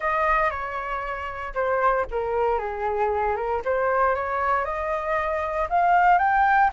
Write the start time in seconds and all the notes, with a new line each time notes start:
0.00 D#5
0.50 C#5
1.54 C5
2.11 A#4
2.59 G#4
3.36 A#4
3.64 C5
4.15 C#5
4.64 D#5
5.69 F5
6.18 G5